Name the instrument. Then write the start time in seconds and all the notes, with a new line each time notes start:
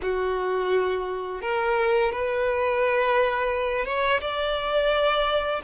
violin
0.02 F#4
1.41 A#4
2.12 B4
3.85 C#5
4.20 D5